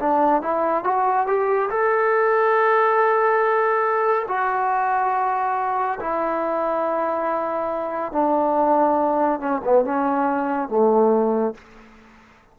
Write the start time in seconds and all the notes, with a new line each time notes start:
0.00 D4
0.42 E4
0.84 F#4
1.27 G4
1.70 A4
4.28 F#4
6.01 E4
8.13 D4
9.41 C#4
9.64 B3
9.85 C#4
10.69 A3